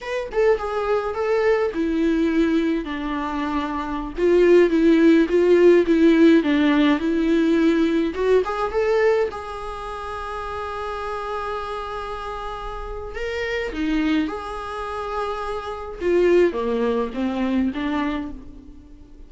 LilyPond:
\new Staff \with { instrumentName = "viola" } { \time 4/4 \tempo 4 = 105 b'8 a'8 gis'4 a'4 e'4~ | e'4 d'2~ d'16 f'8.~ | f'16 e'4 f'4 e'4 d'8.~ | d'16 e'2 fis'8 gis'8 a'8.~ |
a'16 gis'2.~ gis'8.~ | gis'2. ais'4 | dis'4 gis'2. | f'4 ais4 c'4 d'4 | }